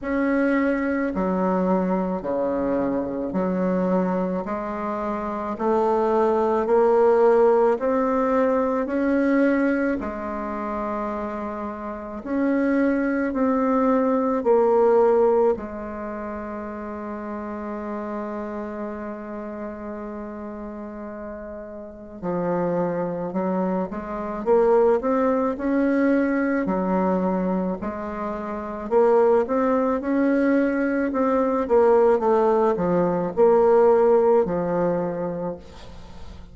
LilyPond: \new Staff \with { instrumentName = "bassoon" } { \time 4/4 \tempo 4 = 54 cis'4 fis4 cis4 fis4 | gis4 a4 ais4 c'4 | cis'4 gis2 cis'4 | c'4 ais4 gis2~ |
gis1 | f4 fis8 gis8 ais8 c'8 cis'4 | fis4 gis4 ais8 c'8 cis'4 | c'8 ais8 a8 f8 ais4 f4 | }